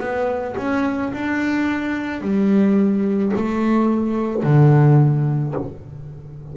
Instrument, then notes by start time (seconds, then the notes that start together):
double bass
0.00 B3
0.57 C#4
1.13 D4
2.21 G3
3.36 A3
4.43 D3